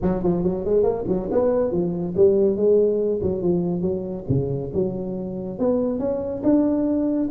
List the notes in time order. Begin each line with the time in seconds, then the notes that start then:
0.02 F#3
0.23 F3
0.43 F#3
0.64 G#3
0.83 A#3
1.07 F#3
1.31 B3
1.71 F3
2.16 G3
2.56 G#3
3.22 F#3
3.41 F3
3.81 F#3
4.29 C#3
4.73 F#3
5.58 B3
5.99 C#4
6.43 D4